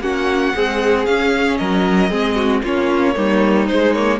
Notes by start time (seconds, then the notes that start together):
0.00 A#3 C#4 F#4 F#5
0.54 G#3 C4 G#4
1.05 C#4 F5
1.57 F#3 A#4 D#5
2.10 G#3 C4 G#4
2.35 F#4
2.62 A#3 C#4 F4 C#5
3.14 G3 A#3 D#4
3.67 G#3 C5
3.93 A#3 C#5